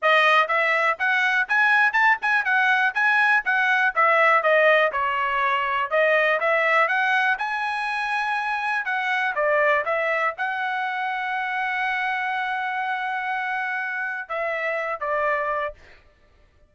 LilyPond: \new Staff \with { instrumentName = "trumpet" } { \time 4/4 \tempo 4 = 122 dis''4 e''4 fis''4 gis''4 | a''8 gis''8 fis''4 gis''4 fis''4 | e''4 dis''4 cis''2 | dis''4 e''4 fis''4 gis''4~ |
gis''2 fis''4 d''4 | e''4 fis''2.~ | fis''1~ | fis''4 e''4. d''4. | }